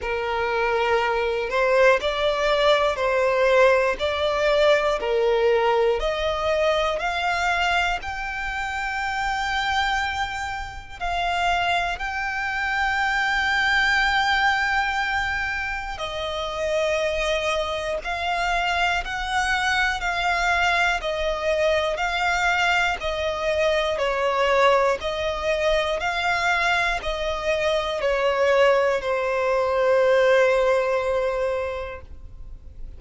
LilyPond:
\new Staff \with { instrumentName = "violin" } { \time 4/4 \tempo 4 = 60 ais'4. c''8 d''4 c''4 | d''4 ais'4 dis''4 f''4 | g''2. f''4 | g''1 |
dis''2 f''4 fis''4 | f''4 dis''4 f''4 dis''4 | cis''4 dis''4 f''4 dis''4 | cis''4 c''2. | }